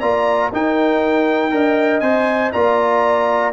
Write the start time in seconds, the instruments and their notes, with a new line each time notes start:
0.00 tuba A#3, trombone F4, horn D5, trumpet A#5
0.52 tuba D#4, trombone D#4, horn A#4, trumpet G5
1.51 tuba D4, trombone A#4, horn D#5
2.00 tuba C4, trombone C5, trumpet G#5
2.52 tuba A#3, trombone F4, horn D5, trumpet A#5